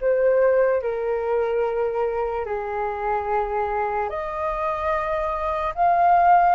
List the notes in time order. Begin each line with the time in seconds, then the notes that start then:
0.00 C5
0.81 A#4
2.45 G#4
4.09 D#5
5.74 F5